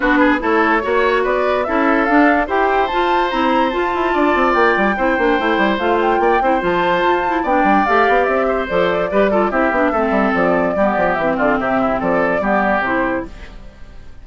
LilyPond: <<
  \new Staff \with { instrumentName = "flute" } { \time 4/4 \tempo 4 = 145 b'4 cis''2 d''4 | e''4 f''4 g''4 a''4 | ais''4 a''2 g''4~ | g''2 f''8 g''4. |
a''2 g''4 f''4 | e''4 d''2 e''4~ | e''4 d''2 e''8 d''8 | e''4 d''2 c''4 | }
  \new Staff \with { instrumentName = "oboe" } { \time 4/4 fis'8 gis'8 a'4 cis''4 b'4 | a'2 c''2~ | c''2 d''2 | c''2. d''8 c''8~ |
c''2 d''2~ | d''8 c''4. b'8 a'8 g'4 | a'2 g'4. f'8 | g'8 e'8 a'4 g'2 | }
  \new Staff \with { instrumentName = "clarinet" } { \time 4/4 d'4 e'4 fis'2 | e'4 d'4 g'4 f'4 | e'4 f'2. | e'8 d'8 e'4 f'4. e'8 |
f'4. e'8 d'4 g'4~ | g'4 a'4 g'8 f'8 e'8 d'8 | c'2 b4 c'4~ | c'2 b4 e'4 | }
  \new Staff \with { instrumentName = "bassoon" } { \time 4/4 b4 a4 ais4 b4 | cis'4 d'4 e'4 f'4 | c'4 f'8 e'8 d'8 c'8 ais8 g8 | c'8 ais8 a8 g8 a4 ais8 c'8 |
f4 f'4 b8 g8 a8 b8 | c'4 f4 g4 c'8 b8 | a8 g8 f4 g8 f8 e8 d8 | c4 f4 g4 c4 | }
>>